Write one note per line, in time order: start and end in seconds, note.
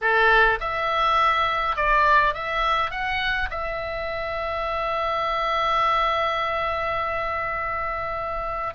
0.01 0.59 A4
0.60 1.76 E5
1.76 2.34 D5
2.34 2.90 E5
2.90 3.49 F#5
3.50 8.74 E5